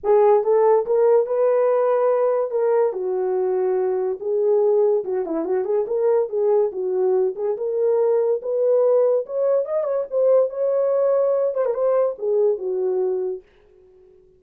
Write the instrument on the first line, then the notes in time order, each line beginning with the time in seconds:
horn
0.03 G#4
0.43 A4
0.86 A#4
1.26 B4
2.50 A#4
2.92 F#4
4.20 G#4
5.04 F#4
5.25 E4
5.45 F#4
5.64 G#4
5.87 A#4
6.29 G#4
6.71 F#4
7.35 G#4
7.57 A#4
8.41 B4
9.25 C#5
9.65 D#5
9.83 C#5
10.10 C5
10.49 C#5
11.54 C5
11.65 A#4
11.73 C5
12.18 G#4
12.58 F#4